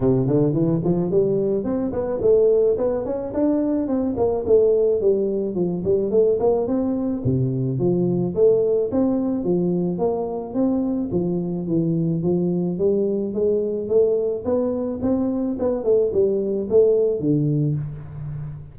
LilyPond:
\new Staff \with { instrumentName = "tuba" } { \time 4/4 \tempo 4 = 108 c8 d8 e8 f8 g4 c'8 b8 | a4 b8 cis'8 d'4 c'8 ais8 | a4 g4 f8 g8 a8 ais8 | c'4 c4 f4 a4 |
c'4 f4 ais4 c'4 | f4 e4 f4 g4 | gis4 a4 b4 c'4 | b8 a8 g4 a4 d4 | }